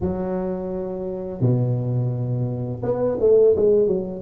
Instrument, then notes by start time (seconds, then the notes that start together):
tuba
0.00 F#3
1.40 B2
2.82 B3
3.20 A3
3.56 G#3
3.87 F#3